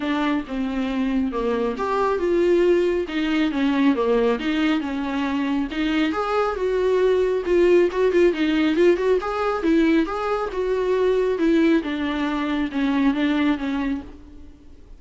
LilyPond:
\new Staff \with { instrumentName = "viola" } { \time 4/4 \tempo 4 = 137 d'4 c'2 ais4 | g'4 f'2 dis'4 | cis'4 ais4 dis'4 cis'4~ | cis'4 dis'4 gis'4 fis'4~ |
fis'4 f'4 fis'8 f'8 dis'4 | f'8 fis'8 gis'4 e'4 gis'4 | fis'2 e'4 d'4~ | d'4 cis'4 d'4 cis'4 | }